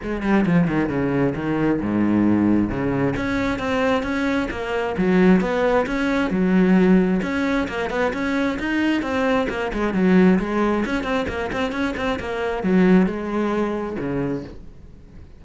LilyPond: \new Staff \with { instrumentName = "cello" } { \time 4/4 \tempo 4 = 133 gis8 g8 f8 dis8 cis4 dis4 | gis,2 cis4 cis'4 | c'4 cis'4 ais4 fis4 | b4 cis'4 fis2 |
cis'4 ais8 b8 cis'4 dis'4 | c'4 ais8 gis8 fis4 gis4 | cis'8 c'8 ais8 c'8 cis'8 c'8 ais4 | fis4 gis2 cis4 | }